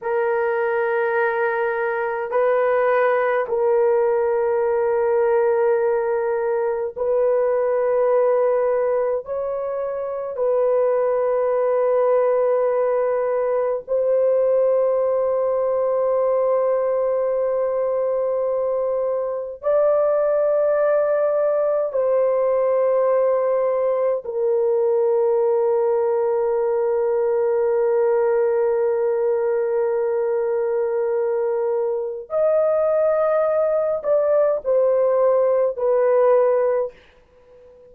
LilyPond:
\new Staff \with { instrumentName = "horn" } { \time 4/4 \tempo 4 = 52 ais'2 b'4 ais'4~ | ais'2 b'2 | cis''4 b'2. | c''1~ |
c''4 d''2 c''4~ | c''4 ais'2.~ | ais'1 | dis''4. d''8 c''4 b'4 | }